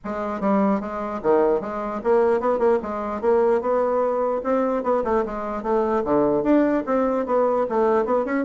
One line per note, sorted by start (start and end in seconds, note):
0.04 0.40 G#3
0.40 0.80 G3
0.80 1.20 G#3
1.22 1.60 D#3
1.60 2.01 G#3
2.03 2.40 A#3
2.40 2.58 B3
2.58 2.78 A#3
2.82 3.21 G#3
3.21 3.61 A#3
3.61 4.41 B3
4.43 4.83 C4
4.83 5.03 B3
5.04 5.24 A3
5.25 5.62 G#3
5.62 6.03 A3
6.04 6.43 D3
6.43 6.83 D4
6.85 7.26 C4
7.26 7.66 B3
7.69 8.05 A3
8.05 8.25 B3
8.25 8.45 C#4